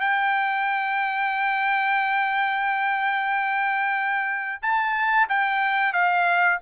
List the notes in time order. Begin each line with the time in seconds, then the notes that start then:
0.00 G5
4.62 A5
5.29 G5
5.93 F5